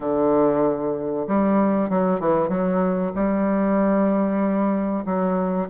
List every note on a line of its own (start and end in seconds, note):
0.00 1.26 D3
1.27 1.89 G3
1.89 2.20 F#3
2.20 2.48 E3
2.48 3.11 F#3
3.15 5.04 G3
5.05 5.68 F#3